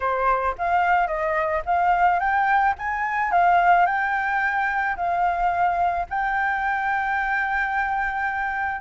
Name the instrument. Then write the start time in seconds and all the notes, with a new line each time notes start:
flute
0.00 C5
0.58 F5
1.07 D#5
1.65 F5
2.19 G5
2.78 G#5
3.31 F5
3.85 G5
4.96 F5
6.09 G5